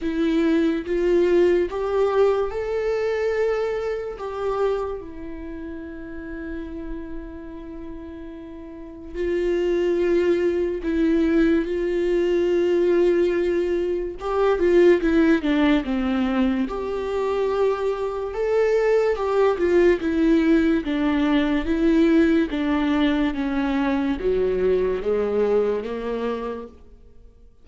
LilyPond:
\new Staff \with { instrumentName = "viola" } { \time 4/4 \tempo 4 = 72 e'4 f'4 g'4 a'4~ | a'4 g'4 e'2~ | e'2. f'4~ | f'4 e'4 f'2~ |
f'4 g'8 f'8 e'8 d'8 c'4 | g'2 a'4 g'8 f'8 | e'4 d'4 e'4 d'4 | cis'4 fis4 gis4 ais4 | }